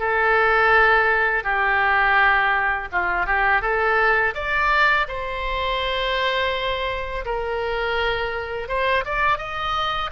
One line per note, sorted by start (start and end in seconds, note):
0.00 1.44 A4
1.44 2.89 G4
2.92 3.26 F4
3.26 3.62 G4
3.62 4.34 A4
4.35 5.07 D5
5.08 7.25 C5
7.26 8.69 A#4
8.69 9.05 C5
9.05 9.38 D5
9.38 10.11 D#5